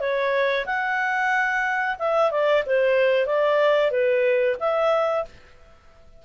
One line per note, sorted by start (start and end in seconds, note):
0.00 0.65 C#5
0.66 1.96 F#5
1.99 2.31 E5
2.31 2.63 D5
2.66 3.26 C5
3.26 3.91 D5
3.91 4.56 B4
4.59 5.25 E5